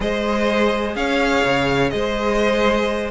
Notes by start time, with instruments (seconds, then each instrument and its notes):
0.00 cello G#3, viola G#4, violin C5 D#5
0.95 cello C#4, violin C#5 F5
1.44 cello C#3
1.89 cello G#3, violin C5 D#5